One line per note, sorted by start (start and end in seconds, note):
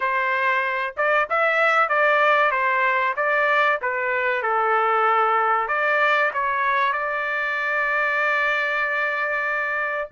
0.00 0.94 C5
0.96 1.28 D5
1.29 1.89 E5
1.89 2.51 D5
2.51 3.14 C5
3.16 3.79 D5
3.81 4.42 B4
4.42 5.68 A4
5.68 6.31 D5
6.33 6.92 C#5
6.92 10.08 D5